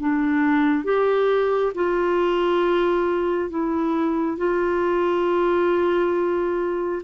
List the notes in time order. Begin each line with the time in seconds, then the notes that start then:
0.00 D4
0.85 G4
1.75 F4
3.50 E4
4.38 F4